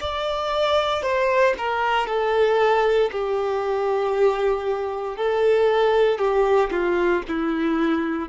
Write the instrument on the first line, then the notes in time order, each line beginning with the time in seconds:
violin
0.00 D5
1.02 C5
1.57 A#4
2.06 A4
3.11 G4
5.16 A4
6.18 G4
6.71 F4
7.27 E4